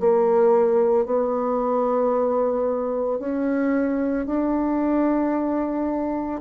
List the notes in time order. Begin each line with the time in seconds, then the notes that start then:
0.00 A#3
1.05 B3
3.19 C#4
4.26 D4